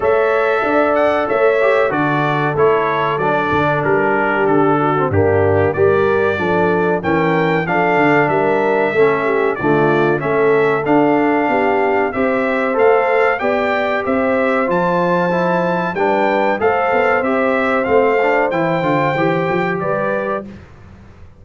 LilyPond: <<
  \new Staff \with { instrumentName = "trumpet" } { \time 4/4 \tempo 4 = 94 e''4. fis''8 e''4 d''4 | cis''4 d''4 ais'4 a'4 | g'4 d''2 g''4 | f''4 e''2 d''4 |
e''4 f''2 e''4 | f''4 g''4 e''4 a''4~ | a''4 g''4 f''4 e''4 | f''4 g''2 d''4 | }
  \new Staff \with { instrumentName = "horn" } { \time 4/4 cis''4 d''4 cis''4 a'4~ | a'2~ a'8 g'4 fis'8 | d'4 ais'4 a'4 ais'4 | a'4 ais'4 a'8 g'8 f'4 |
a'2 g'4 c''4~ | c''4 d''4 c''2~ | c''4 b'4 c''2~ | c''2. b'4 | }
  \new Staff \with { instrumentName = "trombone" } { \time 4/4 a'2~ a'8 g'8 fis'4 | e'4 d'2~ d'8. c'16 | ais4 g'4 d'4 cis'4 | d'2 cis'4 a4 |
cis'4 d'2 g'4 | a'4 g'2 f'4 | e'4 d'4 a'4 g'4 | c'8 d'8 e'8 f'8 g'2 | }
  \new Staff \with { instrumentName = "tuba" } { \time 4/4 a4 d'4 a4 d4 | a4 fis8 d8 g4 d4 | g,4 g4 f4 e4 | f8 d8 g4 a4 d4 |
a4 d'4 b4 c'4 | a4 b4 c'4 f4~ | f4 g4 a8 b8 c'4 | a4 e8 d8 e8 f8 g4 | }
>>